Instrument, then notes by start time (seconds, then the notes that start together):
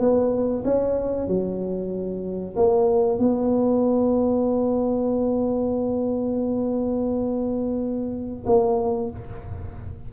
tuba
0.00 B3
0.65 C#4
1.28 F#3
2.56 A#3
3.19 B3
8.47 A#3